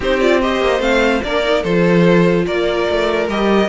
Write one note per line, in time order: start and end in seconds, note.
0.00 0.60 C4
0.00 0.21 D#4
0.00 0.41 G4
0.00 0.20 C5
0.20 0.41 F4
0.20 0.40 D5
0.41 0.79 G4
0.41 1.23 C5
0.41 0.81 D#5
0.60 0.79 A#3
0.79 1.20 A3
0.79 1.20 C4
0.79 1.22 F5
1.23 1.63 A#3
1.23 1.43 D4
1.23 1.62 A#4
1.23 1.63 D5
1.43 1.63 D#4
1.62 2.46 F3
1.62 3.28 F4
1.62 2.44 A4
1.62 2.45 C5
2.45 2.88 A#3
2.45 3.68 A#4
2.45 3.28 D5
2.89 3.28 A3
3.28 3.68 G3
3.28 3.68 G4
3.28 3.68 D#5